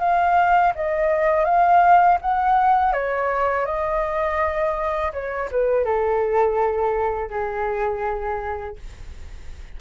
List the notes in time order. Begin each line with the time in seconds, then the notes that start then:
0.00 F5
0.76 D#5
1.45 F5
2.22 F#5
2.93 C#5
3.66 D#5
5.13 C#5
5.52 B4
5.85 A4
7.30 G#4